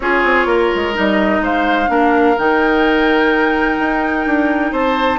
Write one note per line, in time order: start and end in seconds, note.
0.00 0.23 C#4
0.00 0.94 F4
0.00 0.47 G#4
0.00 0.94 C#5
0.23 0.45 C4
0.45 0.69 A#3
0.45 1.41 A#4
0.75 0.97 G#3
0.94 1.40 G3
0.94 1.87 D#4
0.94 1.43 D#5
1.40 1.87 G#3
1.40 1.90 C5
1.40 2.38 F5
1.87 2.36 A#3
1.87 2.35 D4
1.87 4.72 A#4
2.38 3.78 D#3
2.38 5.19 D#4
2.38 4.73 G5
3.78 4.26 D#4
4.26 4.72 D4
4.72 5.19 C4
4.72 5.19 C5
4.72 5.19 A5